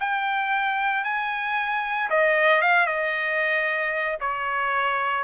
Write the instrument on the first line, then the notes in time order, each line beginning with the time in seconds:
trumpet
0.00 G5
1.04 G#5
2.10 D#5
2.62 F5
2.86 D#5
4.20 C#5